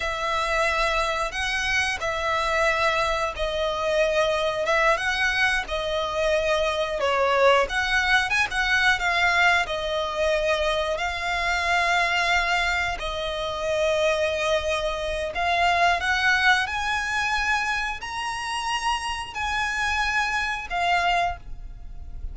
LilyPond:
\new Staff \with { instrumentName = "violin" } { \time 4/4 \tempo 4 = 90 e''2 fis''4 e''4~ | e''4 dis''2 e''8 fis''8~ | fis''8 dis''2 cis''4 fis''8~ | fis''8 gis''16 fis''8. f''4 dis''4.~ |
dis''8 f''2. dis''8~ | dis''2. f''4 | fis''4 gis''2 ais''4~ | ais''4 gis''2 f''4 | }